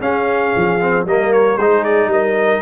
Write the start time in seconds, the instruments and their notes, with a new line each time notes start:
0.00 tuba C#4, trombone C#4, horn G#4, trumpet F5
0.56 tuba F3
0.80 trombone C4
1.05 tuba G3, trombone A#3, horn A#4, trumpet D#5
1.32 trumpet C#5
1.56 tuba G#3, trombone D#4, horn G#4, trumpet C5
1.84 trumpet D5
2.06 tuba G3, horn A#4, trumpet D#5